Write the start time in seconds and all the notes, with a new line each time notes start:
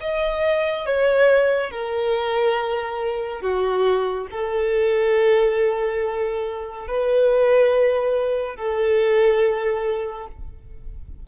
0.00 D#5
0.86 C#5
1.71 A#4
3.41 F#4
4.31 A4
6.87 B4
8.56 A4